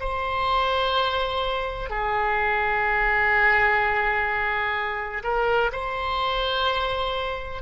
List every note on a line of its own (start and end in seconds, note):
0.00 1.90 C5
1.90 5.23 G#4
5.23 5.71 A#4
5.72 7.61 C5